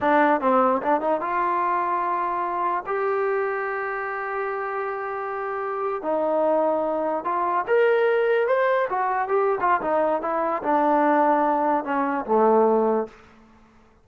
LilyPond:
\new Staff \with { instrumentName = "trombone" } { \time 4/4 \tempo 4 = 147 d'4 c'4 d'8 dis'8 f'4~ | f'2. g'4~ | g'1~ | g'2~ g'8. dis'4~ dis'16~ |
dis'4.~ dis'16 f'4 ais'4~ ais'16~ | ais'8. c''4 fis'4 g'8. f'8 | dis'4 e'4 d'2~ | d'4 cis'4 a2 | }